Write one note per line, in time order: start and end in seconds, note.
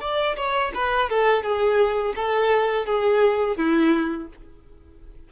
0.00 0.36 D5
0.36 0.72 C#5
0.74 1.09 B4
1.09 1.43 A4
1.43 2.14 G#4
2.15 2.85 A4
2.85 3.56 G#4
3.56 4.28 E4